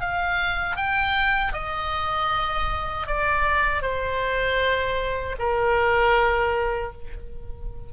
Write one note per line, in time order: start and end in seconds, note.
0.00 0.76 F5
0.76 1.53 G5
1.53 3.07 D#5
3.07 3.82 D5
3.82 5.36 C5
5.38 6.92 A#4